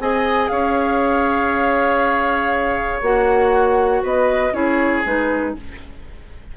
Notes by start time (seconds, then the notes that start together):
0.00 C4 G#4 D#5 G#5
0.48 C#4 C#5 F5
3.02 A#3 F#4 F#5
4.03 B3 B4 D#5
4.52 C#4 E4 G#4 C#5
5.06 G#3 D#4 B4